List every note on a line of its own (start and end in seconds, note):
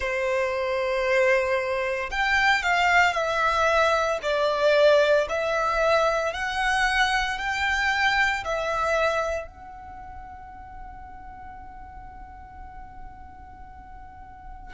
0.00 2.10 C5
2.11 2.62 G5
2.62 3.13 F5
3.13 4.18 E5
4.22 5.27 D5
5.29 6.33 E5
6.33 7.38 F#5
7.38 8.44 G5
8.44 9.47 E5
9.47 14.73 F#5